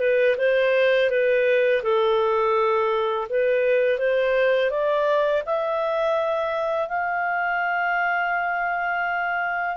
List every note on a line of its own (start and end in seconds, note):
0.00 0.36 B4
0.38 1.10 C5
1.10 1.82 B4
1.83 3.28 A4
3.29 3.99 B4
3.99 4.71 C5
4.71 5.43 D5
5.46 6.89 E5
6.89 9.77 F5